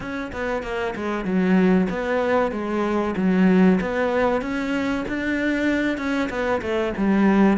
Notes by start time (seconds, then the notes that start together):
0.00 C#4
0.32 B3
0.62 A#3
0.95 G#3
1.24 F#3
1.89 B3
2.51 G#3
3.16 F#3
3.81 B3
4.41 C#4
5.08 D4
5.97 C#4
6.29 B3
6.61 A3
6.97 G3